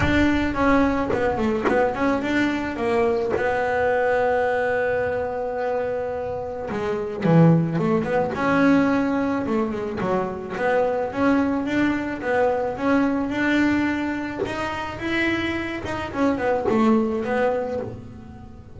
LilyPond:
\new Staff \with { instrumentName = "double bass" } { \time 4/4 \tempo 4 = 108 d'4 cis'4 b8 a8 b8 cis'8 | d'4 ais4 b2~ | b1 | gis4 e4 a8 b8 cis'4~ |
cis'4 a8 gis8 fis4 b4 | cis'4 d'4 b4 cis'4 | d'2 dis'4 e'4~ | e'8 dis'8 cis'8 b8 a4 b4 | }